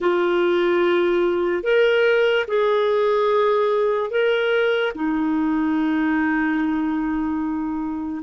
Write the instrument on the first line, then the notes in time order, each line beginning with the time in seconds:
clarinet
0.00 F4
1.63 A#4
2.47 G#4
4.10 A#4
4.95 D#4